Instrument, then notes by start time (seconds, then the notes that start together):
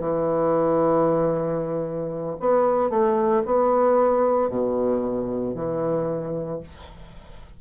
bassoon
0.00 E3
2.40 B3
2.90 A3
3.45 B3
4.49 B2
5.55 E3